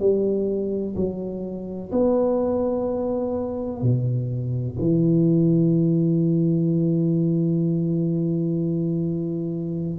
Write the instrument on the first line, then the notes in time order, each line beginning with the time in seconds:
tuba
0.00 G3
0.96 F#3
1.92 B3
3.82 B2
4.80 E3